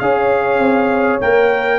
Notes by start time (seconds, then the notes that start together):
0.00 C#4 G#4 C#5 F5
0.59 C4
1.21 A#3 A#4 G5